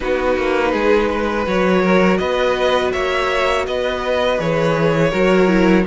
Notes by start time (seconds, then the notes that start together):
0.00 B3 D#4 F#4 B4
0.37 A#3
0.71 G#3 G#4
1.10 B4
1.46 F#3 F#4 C#5
1.82 A#4
2.17 B3 B4 D#5
2.92 A#3 C#5 E5
3.67 B3 B4 D#5
4.38 E3 G#4 C#5
5.10 F#3 F#4 A#4
5.47 E4